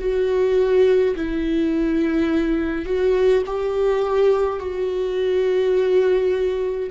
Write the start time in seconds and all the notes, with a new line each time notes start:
0.00 F#4
1.16 E4
2.86 F#4
3.47 G4
4.60 F#4